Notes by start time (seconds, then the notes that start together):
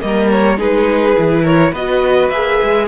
0.00 G3 A#3 A#4 D#5
0.30 C#5
0.57 G#3 D#4 G#4 B4
1.16 E3 E4
1.43 A#4 C#5
1.71 B3 F#4 B4 D#5
2.29 A#3 G#4 E5
2.62 G#3